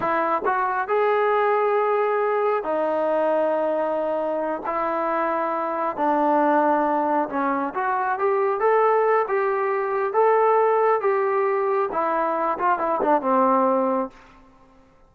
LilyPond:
\new Staff \with { instrumentName = "trombone" } { \time 4/4 \tempo 4 = 136 e'4 fis'4 gis'2~ | gis'2 dis'2~ | dis'2~ dis'8 e'4.~ | e'4. d'2~ d'8~ |
d'8 cis'4 fis'4 g'4 a'8~ | a'4 g'2 a'4~ | a'4 g'2 e'4~ | e'8 f'8 e'8 d'8 c'2 | }